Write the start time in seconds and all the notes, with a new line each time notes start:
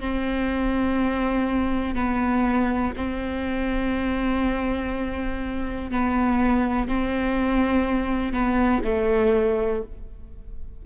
0.00 C4
1.95 B3
2.96 C4
5.91 B3
6.88 C4
8.33 B3
8.84 A3